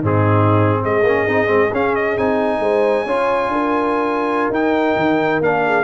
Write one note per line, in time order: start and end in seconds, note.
0.00 0.81 G#2
0.00 1.04 C4
0.00 0.78 D#4
0.00 0.84 G#4
0.81 1.03 G#3
0.81 2.60 G#4
0.81 1.74 D#5
1.03 1.25 A#3
1.03 1.28 C#4
1.28 1.48 C4
1.28 1.47 D#4
1.47 1.70 G#3
1.47 1.69 C4
1.72 2.17 C#4
1.72 2.18 C#4
1.72 1.95 F5
1.95 2.17 D#5
2.17 2.59 C4
2.17 3.07 D#4
2.17 4.53 G#5
2.59 3.04 G#3
2.59 3.05 C5
3.05 3.48 C#4
3.05 4.53 F4
3.05 3.50 C#5
3.48 4.49 D4
3.48 5.64 A#4
4.50 4.95 D#4
4.50 5.43 D#4
4.50 5.43 G5
4.96 5.40 D#3
5.40 5.84 A#3
5.40 5.84 D4
5.40 5.84 F5
5.65 5.84 G#4